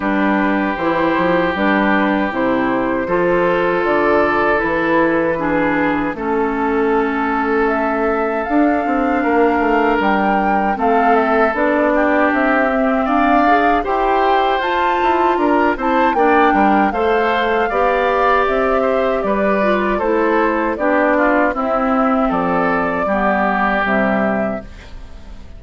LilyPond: <<
  \new Staff \with { instrumentName = "flute" } { \time 4/4 \tempo 4 = 78 b'4 c''4 b'4 c''4~ | c''4 d''4 b'2 | a'2 e''4 f''4~ | f''4 g''4 f''8 e''8 d''4 |
e''4 f''4 g''4 a''4 | ais''8 a''8 g''4 f''2 | e''4 d''4 c''4 d''4 | e''4 d''2 e''4 | }
  \new Staff \with { instrumentName = "oboe" } { \time 4/4 g'1 | a'2. gis'4 | a'1 | ais'2 a'4. g'8~ |
g'4 d''4 c''2 | ais'8 c''8 d''8 ais'8 c''4 d''4~ | d''8 c''8 b'4 a'4 g'8 f'8 | e'4 a'4 g'2 | }
  \new Staff \with { instrumentName = "clarinet" } { \time 4/4 d'4 e'4 d'4 e'4 | f'2 e'4 d'4 | cis'2. d'4~ | d'2 c'4 d'4~ |
d'8 c'4 gis'8 g'4 f'4~ | f'8 e'8 d'4 a'4 g'4~ | g'4. f'8 e'4 d'4 | c'2 b4 g4 | }
  \new Staff \with { instrumentName = "bassoon" } { \time 4/4 g4 e8 f8 g4 c4 | f4 d4 e2 | a2. d'8 c'8 | ais8 a8 g4 a4 b4 |
c'4 d'4 e'4 f'8 e'8 | d'8 c'8 ais8 g8 a4 b4 | c'4 g4 a4 b4 | c'4 f4 g4 c4 | }
>>